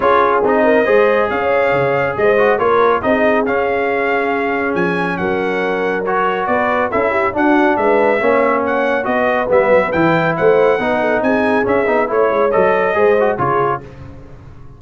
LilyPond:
<<
  \new Staff \with { instrumentName = "trumpet" } { \time 4/4 \tempo 4 = 139 cis''4 dis''2 f''4~ | f''4 dis''4 cis''4 dis''4 | f''2. gis''4 | fis''2 cis''4 d''4 |
e''4 fis''4 e''2 | fis''4 dis''4 e''4 g''4 | fis''2 gis''4 e''4 | cis''4 dis''2 cis''4 | }
  \new Staff \with { instrumentName = "horn" } { \time 4/4 gis'4. ais'8 c''4 cis''4~ | cis''4 c''4 ais'4 gis'4~ | gis'1 | ais'2. b'4 |
a'8 g'8 fis'4 b'4 cis''4~ | cis''4 b'2. | c''4 b'8 a'8 gis'2 | cis''2 c''4 gis'4 | }
  \new Staff \with { instrumentName = "trombone" } { \time 4/4 f'4 dis'4 gis'2~ | gis'4. fis'8 f'4 dis'4 | cis'1~ | cis'2 fis'2 |
e'4 d'2 cis'4~ | cis'4 fis'4 b4 e'4~ | e'4 dis'2 cis'8 dis'8 | e'4 a'4 gis'8 fis'8 f'4 | }
  \new Staff \with { instrumentName = "tuba" } { \time 4/4 cis'4 c'4 gis4 cis'4 | cis4 gis4 ais4 c'4 | cis'2. f4 | fis2. b4 |
cis'4 d'4 gis4 ais4~ | ais4 b4 g8 fis8 e4 | a4 b4 c'4 cis'8 b8 | a8 gis8 fis4 gis4 cis4 | }
>>